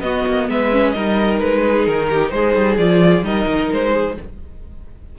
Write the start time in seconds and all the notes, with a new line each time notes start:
0.00 B3 F#4 D#5
0.27 A#3
0.49 G#3 B4 E5
0.72 C#4
0.92 G3 D#4 A#4 D#5
1.40 G#3 B4
1.62 G#4
1.86 D#3 A#4
2.10 G4
2.30 G#3 G#4 C5
2.55 G3
2.78 F3 F4 D5
3.23 G3 D#4 A#4 D#5
3.47 D#3
3.72 G#3 C5
3.92 G#4